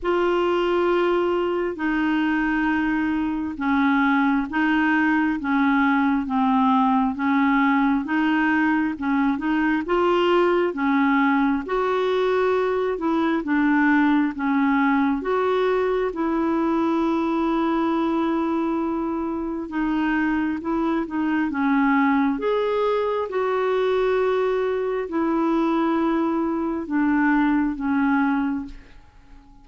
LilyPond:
\new Staff \with { instrumentName = "clarinet" } { \time 4/4 \tempo 4 = 67 f'2 dis'2 | cis'4 dis'4 cis'4 c'4 | cis'4 dis'4 cis'8 dis'8 f'4 | cis'4 fis'4. e'8 d'4 |
cis'4 fis'4 e'2~ | e'2 dis'4 e'8 dis'8 | cis'4 gis'4 fis'2 | e'2 d'4 cis'4 | }